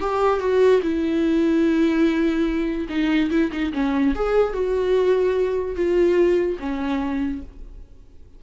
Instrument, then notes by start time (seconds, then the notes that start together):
viola
0.00 G4
0.39 F#4
0.82 E4
2.89 D#4
3.30 E4
3.51 D#4
3.73 C#4
4.15 G#4
4.53 F#4
5.75 F4
6.59 C#4